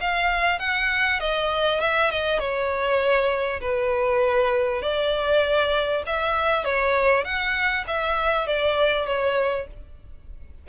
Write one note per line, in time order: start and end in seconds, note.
0.00 0.59 F5
0.59 1.20 F#5
1.20 1.80 D#5
1.80 2.10 E5
2.11 2.39 D#5
2.39 3.60 C#5
3.60 4.82 B4
4.82 6.03 D5
6.06 6.64 E5
6.64 7.24 C#5
7.24 7.85 F#5
7.87 8.46 E5
8.46 9.06 D5
9.06 9.67 C#5